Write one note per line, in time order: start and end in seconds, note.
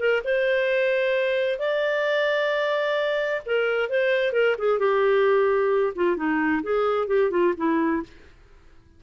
0.00 0.23 A#4
0.25 1.59 C5
1.59 3.43 D5
3.46 3.90 A#4
3.90 4.33 C5
4.33 4.56 A#4
4.59 4.79 G#4
4.79 5.94 G4
5.96 6.17 F4
6.17 6.63 D#4
6.63 7.08 G#4
7.08 7.31 G4
7.31 7.54 F4
7.58 8.03 E4